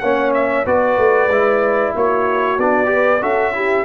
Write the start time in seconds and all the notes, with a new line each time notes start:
0.00 A#3 C#4 C#5 F#5
0.34 E5
0.66 B3 F#4 B4 D5
0.99 A3
1.28 G#3 E4
1.95 A#3 F#4 C#5
2.58 B3 D4 D5
2.86 G4
2.93 B4
3.22 C#4 F#4 A4 E5
3.54 E4 G4